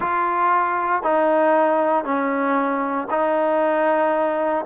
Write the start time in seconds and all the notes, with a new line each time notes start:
0.00 F4
1.03 D#4
2.04 C#4
3.10 D#4